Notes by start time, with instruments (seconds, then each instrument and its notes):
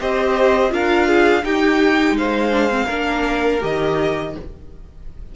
0.00 cello C4, viola G4, violin C5 D#5
0.70 cello D4, viola F4, violin A#4 F5
1.08 violin G#4
1.43 viola D#4, cello D#4, violin G4 G5
2.11 cello G#3
2.17 violin C5 F5
2.52 viola D4
2.70 viola C4
2.86 cello A#3, viola D4, violin A#4
3.60 cello D#3, viola G4, violin D#5